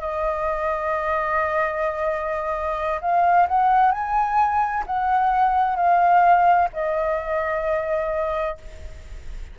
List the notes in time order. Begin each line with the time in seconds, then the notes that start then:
0.00 D#5
3.01 F5
3.48 F#5
3.91 G#5
4.86 F#5
5.76 F5
6.73 D#5